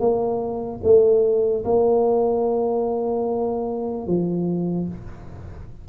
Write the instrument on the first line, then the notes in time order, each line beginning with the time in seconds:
tuba
0.00 A#3
0.84 A3
1.65 A#3
4.07 F3